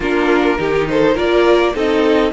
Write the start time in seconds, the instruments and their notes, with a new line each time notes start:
0.00 cello A#3, viola D4, violin F4 A#4
0.58 cello D#3, viola D#4, violin G4
0.88 violin A4 C5
1.14 cello A#3, viola F4, violin A#4 D5
1.73 cello C4, viola D#4, violin A4 D#5